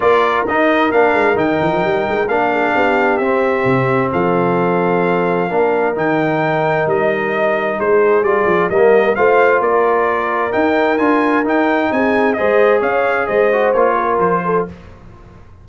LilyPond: <<
  \new Staff \with { instrumentName = "trumpet" } { \time 4/4 \tempo 4 = 131 d''4 dis''4 f''4 g''4~ | g''4 f''2 e''4~ | e''4 f''2.~ | f''4 g''2 dis''4~ |
dis''4 c''4 d''4 dis''4 | f''4 d''2 g''4 | gis''4 g''4 gis''4 dis''4 | f''4 dis''4 cis''4 c''4 | }
  \new Staff \with { instrumentName = "horn" } { \time 4/4 ais'1~ | ais'4. gis'8 g'2~ | g'4 a'2. | ais'1~ |
ais'4 gis'2 ais'4 | c''4 ais'2.~ | ais'2 gis'4 c''4 | cis''4 c''4. ais'4 a'8 | }
  \new Staff \with { instrumentName = "trombone" } { \time 4/4 f'4 dis'4 d'4 dis'4~ | dis'4 d'2 c'4~ | c'1 | d'4 dis'2.~ |
dis'2 f'4 ais4 | f'2. dis'4 | f'4 dis'2 gis'4~ | gis'4. fis'8 f'2 | }
  \new Staff \with { instrumentName = "tuba" } { \time 4/4 ais4 dis'4 ais8 gis8 dis8 f8 | g8 gis8 ais4 b4 c'4 | c4 f2. | ais4 dis2 g4~ |
g4 gis4 g8 f8 g4 | a4 ais2 dis'4 | d'4 dis'4 c'4 gis4 | cis'4 gis4 ais4 f4 | }
>>